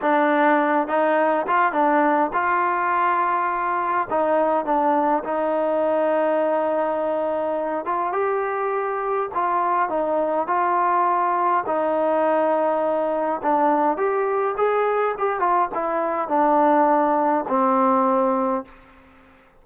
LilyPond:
\new Staff \with { instrumentName = "trombone" } { \time 4/4 \tempo 4 = 103 d'4. dis'4 f'8 d'4 | f'2. dis'4 | d'4 dis'2.~ | dis'4. f'8 g'2 |
f'4 dis'4 f'2 | dis'2. d'4 | g'4 gis'4 g'8 f'8 e'4 | d'2 c'2 | }